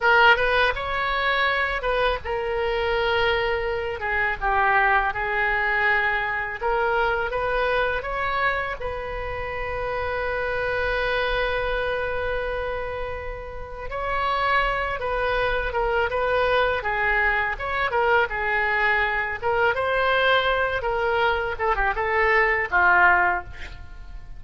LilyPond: \new Staff \with { instrumentName = "oboe" } { \time 4/4 \tempo 4 = 82 ais'8 b'8 cis''4. b'8 ais'4~ | ais'4. gis'8 g'4 gis'4~ | gis'4 ais'4 b'4 cis''4 | b'1~ |
b'2. cis''4~ | cis''8 b'4 ais'8 b'4 gis'4 | cis''8 ais'8 gis'4. ais'8 c''4~ | c''8 ais'4 a'16 g'16 a'4 f'4 | }